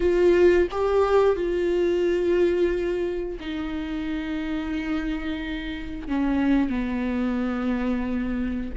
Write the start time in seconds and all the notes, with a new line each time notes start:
0.00 F4
0.71 G4
1.35 F4
3.40 D#4
6.07 C#4
6.69 B3